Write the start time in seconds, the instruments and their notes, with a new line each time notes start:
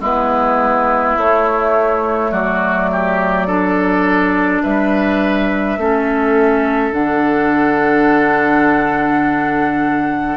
0.00 bassoon G#3, clarinet B3, oboe E4, flute B4
1.17 bassoon A3, clarinet A3, flute C#5
2.31 bassoon F#3, oboe F#4, flute D5
2.92 oboe G4
3.47 clarinet D4, oboe A4
4.63 bassoon G3, oboe B4, flute E5
5.77 bassoon A3, clarinet C#4, oboe A4
6.91 bassoon D3, clarinet D4, flute F#5